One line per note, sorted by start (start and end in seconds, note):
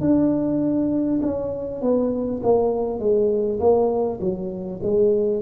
0.00 1.20 D4
1.22 1.81 C#4
1.81 2.41 B3
2.43 2.99 A#3
2.99 3.59 G#3
3.59 4.19 A#3
4.21 4.81 F#3
4.82 5.42 G#3